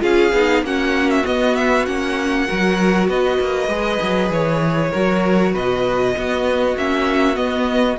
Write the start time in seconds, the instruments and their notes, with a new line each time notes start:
0.00 cello C#4, viola F4, violin G#4 F5
0.33 cello B3, viola D#4
0.62 cello A#3, viola C#4, violin F#4 F#5
1.10 violin E5
1.24 viola B3, cello B3, violin D#5
1.56 violin E5
1.86 cello A#3, viola C#4, violin F#5
2.48 cello F#3, viola F#4, violin A#4
3.08 cello B3, violin B4 D#5
3.41 cello A#3
3.68 cello G#3, viola G#4
4.02 cello F#3
4.30 cello E3, violin C#5
4.92 cello F#3, viola F#4, violin A#4
5.53 cello B2, violin B4 D#5
6.16 viola B3, cello B3, violin F#4
6.77 cello A#3, viola C#4, violin E5
7.35 viola B3, cello B3, violin D#5